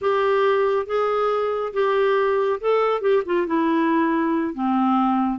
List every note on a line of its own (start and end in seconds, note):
0.01 0.86 G4
0.86 1.72 G#4
1.73 2.59 G4
2.60 3.01 A4
3.01 3.23 G4
3.25 3.46 F4
3.46 4.54 E4
4.54 5.39 C4